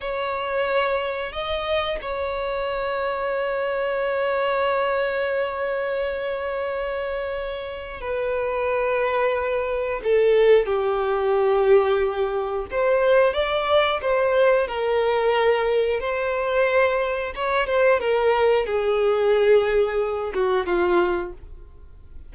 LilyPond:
\new Staff \with { instrumentName = "violin" } { \time 4/4 \tempo 4 = 90 cis''2 dis''4 cis''4~ | cis''1~ | cis''1 | b'2. a'4 |
g'2. c''4 | d''4 c''4 ais'2 | c''2 cis''8 c''8 ais'4 | gis'2~ gis'8 fis'8 f'4 | }